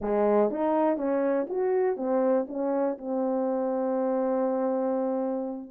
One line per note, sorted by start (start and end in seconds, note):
0.01 0.50 G#3
0.50 0.97 D#4
0.97 1.47 C#4
1.49 1.97 F#4
1.97 2.46 C4
2.47 2.97 C#4
2.98 5.70 C4